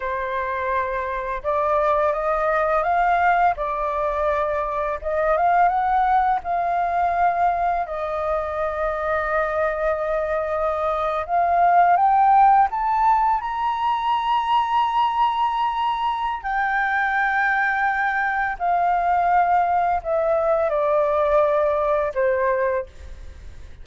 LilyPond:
\new Staff \with { instrumentName = "flute" } { \time 4/4 \tempo 4 = 84 c''2 d''4 dis''4 | f''4 d''2 dis''8 f''8 | fis''4 f''2 dis''4~ | dis''2.~ dis''8. f''16~ |
f''8. g''4 a''4 ais''4~ ais''16~ | ais''2. g''4~ | g''2 f''2 | e''4 d''2 c''4 | }